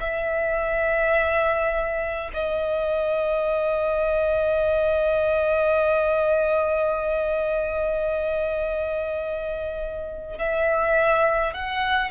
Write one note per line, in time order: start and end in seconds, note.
0.00 2.31 E5
2.34 10.38 D#5
10.38 11.54 E5
11.54 12.10 F#5